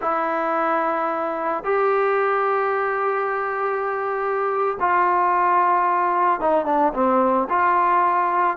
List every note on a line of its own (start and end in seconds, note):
0.01 1.64 E4
1.64 4.77 G4
4.80 6.40 F4
6.40 6.65 D#4
6.65 6.92 D4
6.93 7.48 C4
7.49 8.57 F4